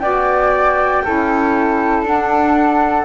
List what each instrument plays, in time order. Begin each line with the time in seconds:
0.00 double bass B3, saxophone F#4, flute D5 G5
1.05 double bass C#4, saxophone E4, flute A4
2.03 double bass D4, saxophone D4, flute F#5